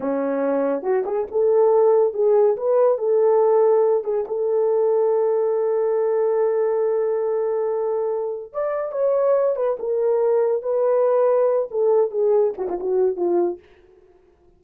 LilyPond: \new Staff \with { instrumentName = "horn" } { \time 4/4 \tempo 4 = 141 cis'2 fis'8 gis'8 a'4~ | a'4 gis'4 b'4 a'4~ | a'4. gis'8 a'2~ | a'1~ |
a'1 | d''4 cis''4. b'8 ais'4~ | ais'4 b'2~ b'8 a'8~ | a'8 gis'4 fis'16 f'16 fis'4 f'4 | }